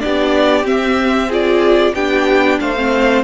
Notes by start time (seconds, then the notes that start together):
0.00 B3 D4 G4 D5
0.62 C4 E5
1.28 F4 G#4 D5
1.94 B3 D4 G4 G5
2.59 A3 C5 F5
2.76 C4